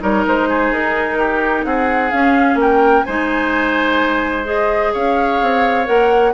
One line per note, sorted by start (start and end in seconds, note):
0.00 0.26 G3
0.00 2.11 D#4
0.00 0.48 A#4
0.00 0.25 C#5
0.26 0.71 G#3
0.26 0.73 C5
0.48 1.18 G#4
0.71 1.65 D#4
0.71 1.64 A#4
1.18 1.65 G4
1.64 2.12 C4
1.64 2.60 G#4
1.64 2.11 F#5
2.11 3.06 C#4
2.11 2.55 C#4
2.11 2.58 F5
2.55 3.02 A#3
2.61 3.06 A#4
2.61 3.04 G5
3.04 4.94 G#3
3.04 4.44 D#4
3.04 4.93 C5
3.04 4.45 G#5
4.44 5.85 G#4
4.44 4.94 D#5
4.93 5.41 C#4
4.93 6.34 C#5
4.93 5.87 F5
5.42 5.88 C4
5.85 6.34 A#3
5.85 6.32 A#4
5.85 6.34 F#5